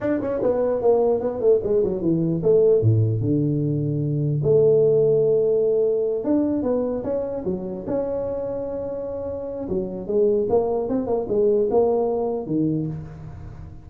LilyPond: \new Staff \with { instrumentName = "tuba" } { \time 4/4 \tempo 4 = 149 d'8 cis'8 b4 ais4 b8 a8 | gis8 fis8 e4 a4 a,4 | d2. a4~ | a2.~ a8 d'8~ |
d'8 b4 cis'4 fis4 cis'8~ | cis'1 | fis4 gis4 ais4 c'8 ais8 | gis4 ais2 dis4 | }